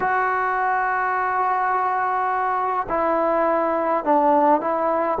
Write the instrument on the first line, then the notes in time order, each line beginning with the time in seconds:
trombone
0.00 F#4
2.88 E4
4.04 D4
4.60 E4